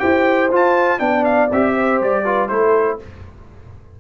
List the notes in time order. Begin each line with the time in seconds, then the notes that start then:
0.00 E4 G4 C5 G5
0.52 F4 A5
1.00 B3 D4 D5 G5
1.25 F5
1.52 C4 G4 E5
1.75 C5
2.01 G3 D5
2.25 F4 B4
2.49 A3 E4 A4 C5